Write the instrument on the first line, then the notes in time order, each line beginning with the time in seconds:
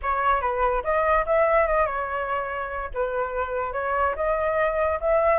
flute
0.02 C#5
0.41 B4
0.83 D#5
1.26 E5
1.67 D#5
1.85 C#5
2.94 B4
3.73 C#5
4.15 D#5
5.00 E5